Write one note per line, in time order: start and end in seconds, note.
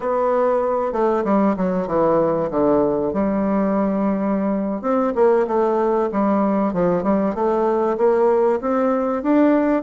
0.00 0.92 B3
0.92 1.23 A3
1.24 1.55 G3
1.56 1.87 F#3
1.87 2.49 E3
2.50 3.12 D3
3.12 4.81 G3
4.81 5.12 C4
5.15 5.46 A#3
5.47 6.09 A3
6.11 6.73 G3
6.73 7.03 F3
7.03 7.34 G3
7.34 7.97 A3
7.97 8.59 A#3
8.61 9.22 C4
9.22 9.82 D4